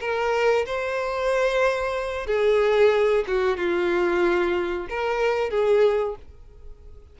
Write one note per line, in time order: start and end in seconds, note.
0.00 0.65 A#4
0.66 2.26 C5
2.26 3.24 G#4
3.27 3.57 F#4
3.57 4.87 F4
4.89 5.50 A#4
5.50 6.15 G#4